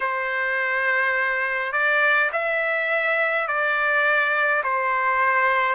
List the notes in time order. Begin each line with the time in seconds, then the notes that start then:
0.00 C5
1.72 D5
2.32 E5
3.47 D5
4.63 C5